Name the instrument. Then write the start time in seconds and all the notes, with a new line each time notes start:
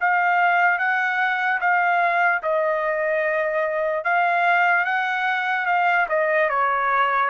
trumpet
0.00 F5
0.78 F#5
1.60 F5
2.43 D#5
4.04 F5
4.85 F#5
5.66 F5
6.08 D#5
6.49 C#5